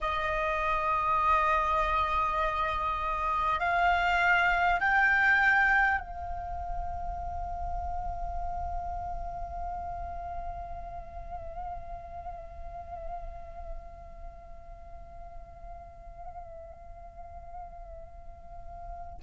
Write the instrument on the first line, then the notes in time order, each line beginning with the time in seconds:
flute
0.01 D#5
3.59 F5
4.80 G5
6.00 F5